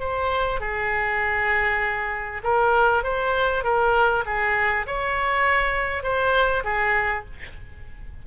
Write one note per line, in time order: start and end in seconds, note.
0.00 0.60 C5
0.60 2.42 G#4
2.44 3.04 A#4
3.04 3.64 C5
3.64 4.25 A#4
4.26 4.87 G#4
4.87 6.03 C#5
6.03 6.64 C5
6.64 7.25 G#4